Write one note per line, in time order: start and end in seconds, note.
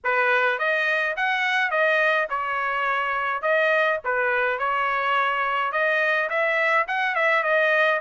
0.04 0.58 B4
0.58 1.15 D#5
1.16 1.70 F#5
1.70 2.27 D#5
2.29 3.42 C#5
3.42 3.99 D#5
4.04 4.58 B4
4.58 5.71 C#5
5.71 6.29 D#5
6.29 6.86 E5
6.87 7.15 F#5
7.15 7.43 E5
7.43 8.00 D#5